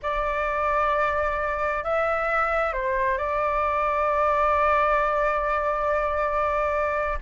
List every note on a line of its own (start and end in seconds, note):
0.02 1.84 D5
1.84 2.73 E5
2.73 3.17 C5
3.17 7.18 D5